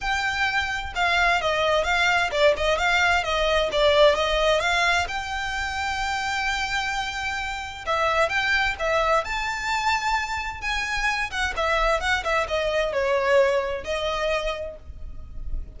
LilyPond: \new Staff \with { instrumentName = "violin" } { \time 4/4 \tempo 4 = 130 g''2 f''4 dis''4 | f''4 d''8 dis''8 f''4 dis''4 | d''4 dis''4 f''4 g''4~ | g''1~ |
g''4 e''4 g''4 e''4 | a''2. gis''4~ | gis''8 fis''8 e''4 fis''8 e''8 dis''4 | cis''2 dis''2 | }